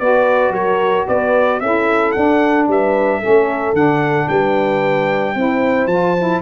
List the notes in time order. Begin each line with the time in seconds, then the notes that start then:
0.00 B3 F#4 B4 D5
0.51 F#3 A#4 C#5
1.08 B3 B4 D5
1.60 C#4 E4 A4 E5
2.12 D4 F#5
2.68 G3 B4 E5
3.20 C#4 A4
3.27 A3
3.74 D3 D4 F#5
4.29 G3 B4 G5
5.35 C4 E4 C5
5.87 F3 F4 A5
6.19 E4